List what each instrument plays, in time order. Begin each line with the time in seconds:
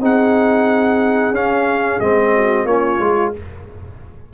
0.00 tuba C4, trombone D#4, horn G#4, trumpet F#5
1.31 tuba C#4, trombone C#4, trumpet F5
2.00 tuba G#3, trombone C4, trumpet D#5
2.35 horn F#4
2.65 tuba A#3, trombone C#4, horn F4, trumpet C#5
2.99 tuba G#3, trombone F4